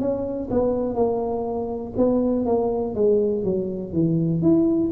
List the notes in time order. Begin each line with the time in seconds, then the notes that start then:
0.00 C#4
0.51 B3
0.95 A#3
1.97 B3
2.46 A#3
2.95 G#3
3.44 F#3
3.93 E3
4.42 E4